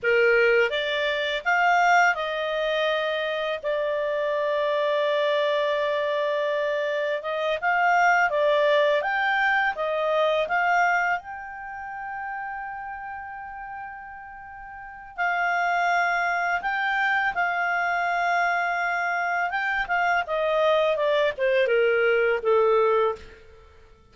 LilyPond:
\new Staff \with { instrumentName = "clarinet" } { \time 4/4 \tempo 4 = 83 ais'4 d''4 f''4 dis''4~ | dis''4 d''2.~ | d''2 dis''8 f''4 d''8~ | d''8 g''4 dis''4 f''4 g''8~ |
g''1~ | g''4 f''2 g''4 | f''2. g''8 f''8 | dis''4 d''8 c''8 ais'4 a'4 | }